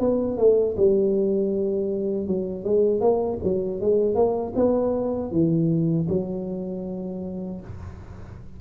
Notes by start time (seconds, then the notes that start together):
0.00 B3
0.38 A3
0.78 G3
2.28 F#3
2.64 G#3
3.01 A#3
3.44 F#3
3.81 G#3
4.15 A#3
4.56 B3
5.32 E3
6.09 F#3